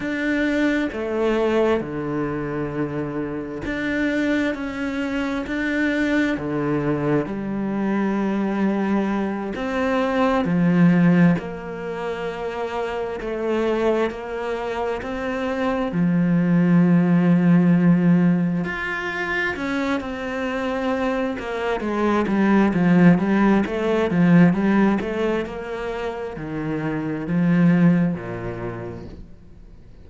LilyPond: \new Staff \with { instrumentName = "cello" } { \time 4/4 \tempo 4 = 66 d'4 a4 d2 | d'4 cis'4 d'4 d4 | g2~ g8 c'4 f8~ | f8 ais2 a4 ais8~ |
ais8 c'4 f2~ f8~ | f8 f'4 cis'8 c'4. ais8 | gis8 g8 f8 g8 a8 f8 g8 a8 | ais4 dis4 f4 ais,4 | }